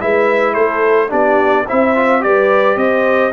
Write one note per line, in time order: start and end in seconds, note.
0.00 0.56 G#3
0.00 1.09 E4
0.00 0.53 B4
0.00 0.54 E5
0.53 1.12 A3
0.53 1.09 A4
0.53 1.09 C5
1.09 1.67 B3
1.09 1.64 D4
1.09 1.65 G4
1.09 1.67 D5
1.67 2.25 C4
1.67 1.96 E4
1.67 2.23 C5
1.67 2.23 E5
1.96 2.21 F4
2.21 2.76 G3
2.21 3.32 G4
2.21 2.78 B4
2.21 2.77 D5
2.76 3.32 C4
2.76 3.33 C5
2.76 3.33 D#5